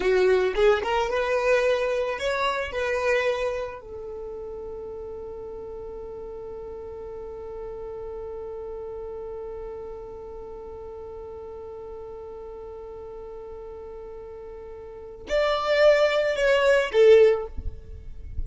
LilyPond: \new Staff \with { instrumentName = "violin" } { \time 4/4 \tempo 4 = 110 fis'4 gis'8 ais'8 b'2 | cis''4 b'2 a'4~ | a'1~ | a'1~ |
a'1~ | a'1~ | a'1 | d''2 cis''4 a'4 | }